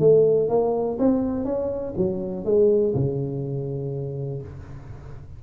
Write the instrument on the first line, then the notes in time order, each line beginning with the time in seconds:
tuba
0.00 A3
0.49 A#3
0.99 C4
1.45 C#4
1.97 F#3
2.45 G#3
2.95 C#3